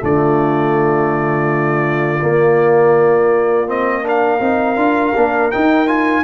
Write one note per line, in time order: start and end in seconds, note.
0.00 2.22 D3
0.00 2.20 A3
0.00 4.04 F4
0.00 3.70 D5
2.21 3.67 A#3
2.21 4.40 A#3
3.67 4.03 C4
3.67 4.06 D#5
4.03 4.39 D4
4.03 6.23 A#4
4.03 5.51 F5
4.40 4.76 C4
4.40 4.76 D#4
4.76 5.13 D4
4.76 5.13 F4
5.15 5.53 A#3
5.15 5.52 D4
5.51 5.87 D#4
5.51 6.24 D#4
5.51 5.87 G5
5.87 6.24 F4
5.87 6.24 G#5